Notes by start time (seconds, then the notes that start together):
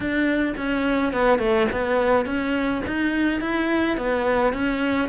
0.00 D4
0.57 C#4
1.12 B3
1.38 A3
1.71 B3
2.25 C#4
2.87 D#4
3.40 E4
3.97 B3
4.53 C#4